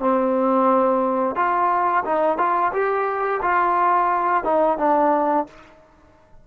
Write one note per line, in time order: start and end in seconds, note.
0.00 1.36 C4
1.36 2.04 F4
2.05 2.38 D#4
2.38 2.72 F4
2.73 3.41 G4
3.42 4.44 F4
4.44 4.79 D#4
4.79 5.47 D4